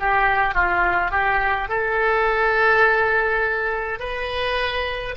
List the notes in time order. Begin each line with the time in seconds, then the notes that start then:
0.00 G4
0.55 F4
1.11 G4
1.69 A4
4.00 B4